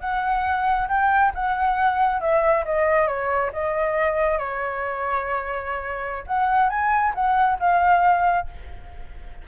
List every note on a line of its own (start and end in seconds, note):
0.00 0.88 F#5
0.88 1.32 G5
1.35 2.21 F#5
2.21 2.64 E5
2.65 3.07 D#5
3.07 3.51 C#5
3.52 4.38 D#5
4.38 6.24 C#5
6.27 6.70 F#5
6.70 7.13 G#5
7.15 7.58 F#5
7.59 8.47 F5